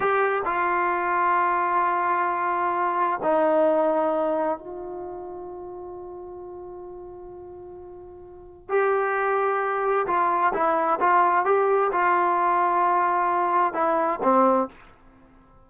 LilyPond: \new Staff \with { instrumentName = "trombone" } { \time 4/4 \tempo 4 = 131 g'4 f'2.~ | f'2. dis'4~ | dis'2 f'2~ | f'1~ |
f'2. g'4~ | g'2 f'4 e'4 | f'4 g'4 f'2~ | f'2 e'4 c'4 | }